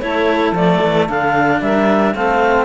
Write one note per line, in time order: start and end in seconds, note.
0.00 0.52 A3
0.00 0.55 E4
0.00 1.63 A4
0.00 0.54 C#5
0.52 0.78 F3
0.52 1.09 A3
0.52 1.09 D5
0.83 1.08 E3
1.08 1.60 D3
1.08 2.15 D4
1.08 1.61 F5
1.60 2.14 G3
1.60 2.14 A#4
1.60 2.15 E5
2.14 2.65 A3
2.14 2.65 C4
2.14 2.65 A4
2.14 2.65 F5